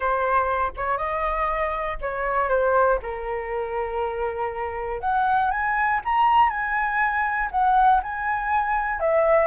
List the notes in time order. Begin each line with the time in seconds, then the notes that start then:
0.00 C5
0.76 C#5
0.97 D#5
2.01 C#5
2.49 C5
3.02 A#4
5.00 F#5
5.50 G#5
6.04 A#5
6.49 G#5
7.51 F#5
8.03 G#5
9.00 E5